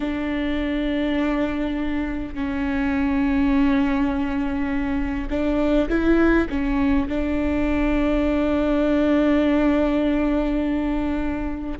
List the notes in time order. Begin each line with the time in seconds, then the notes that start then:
0.00 D4
2.34 C#4
5.29 D4
5.89 E4
6.49 C#4
7.08 D4